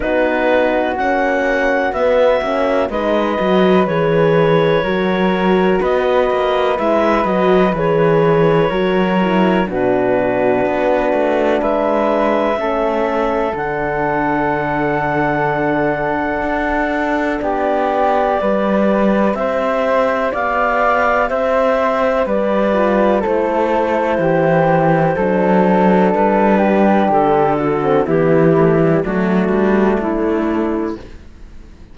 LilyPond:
<<
  \new Staff \with { instrumentName = "clarinet" } { \time 4/4 \tempo 4 = 62 b'4 fis''4 e''4 dis''4 | cis''2 dis''4 e''8 dis''8 | cis''2 b'2 | e''2 fis''2~ |
fis''2 d''2 | e''4 f''4 e''4 d''4 | c''2. b'4 | a'4 g'4 fis'4 e'4 | }
  \new Staff \with { instrumentName = "flute" } { \time 4/4 fis'2. b'4~ | b'4 ais'4 b'2~ | b'4 ais'4 fis'2 | b'4 a'2.~ |
a'2 g'4 b'4 | c''4 d''4 c''4 b'4 | a'4 g'4 a'4. g'8~ | g'8 fis'8 e'4 d'2 | }
  \new Staff \with { instrumentName = "horn" } { \time 4/4 dis'4 cis'4 b8 cis'8 dis'8 fis'8 | gis'4 fis'2 e'8 fis'8 | gis'4 fis'8 e'8 d'2~ | d'4 cis'4 d'2~ |
d'2. g'4~ | g'2.~ g'8 f'8 | e'2 d'2~ | d'8. c'16 b8 a16 g16 a2 | }
  \new Staff \with { instrumentName = "cello" } { \time 4/4 b4 ais4 b8 ais8 gis8 fis8 | e4 fis4 b8 ais8 gis8 fis8 | e4 fis4 b,4 b8 a8 | gis4 a4 d2~ |
d4 d'4 b4 g4 | c'4 b4 c'4 g4 | a4 e4 fis4 g4 | d4 e4 fis8 g8 a4 | }
>>